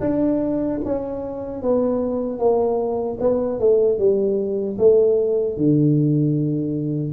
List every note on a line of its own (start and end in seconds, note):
0.00 0.79 D4
0.84 1.61 C#4
1.61 2.38 B3
2.38 3.17 A#3
3.20 3.59 B3
3.59 3.98 A3
3.98 4.77 G3
4.78 5.56 A3
5.56 7.12 D3